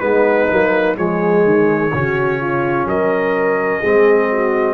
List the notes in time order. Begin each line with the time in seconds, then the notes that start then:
0.00 G#3 B3 D#4 B4
0.50 F#3 A#3
0.97 F3 G#3 G#4 C#5
1.45 D#3
1.93 C#3 C#4 F#4
2.41 F4
2.86 F#3 A#4 D#5
3.81 G#3 C4 G#4
4.32 F#4